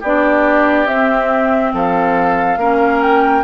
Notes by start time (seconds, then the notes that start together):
0.00 B3 D4 G4 D5
0.86 C4 E5
1.73 F3 A4 F5
2.57 A#3 C#4 A#4
3.01 G5